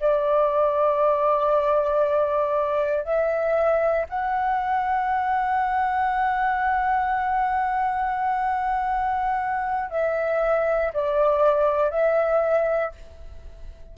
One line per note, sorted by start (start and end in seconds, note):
0.00 3.04 D5
3.04 4.06 E5
4.09 9.91 F#5
9.91 10.92 E5
10.93 11.90 D5
11.90 12.92 E5